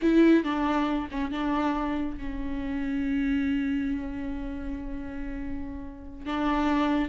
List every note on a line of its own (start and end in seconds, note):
0.01 0.44 E4
0.44 1.08 D4
1.11 1.31 C#4
1.31 2.17 D4
2.17 6.25 C#4
6.25 7.08 D4